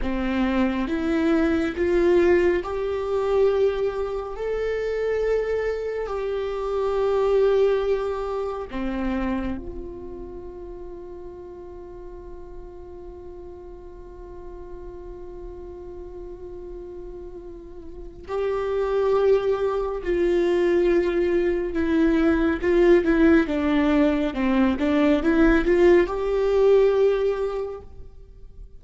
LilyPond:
\new Staff \with { instrumentName = "viola" } { \time 4/4 \tempo 4 = 69 c'4 e'4 f'4 g'4~ | g'4 a'2 g'4~ | g'2 c'4 f'4~ | f'1~ |
f'1~ | f'4 g'2 f'4~ | f'4 e'4 f'8 e'8 d'4 | c'8 d'8 e'8 f'8 g'2 | }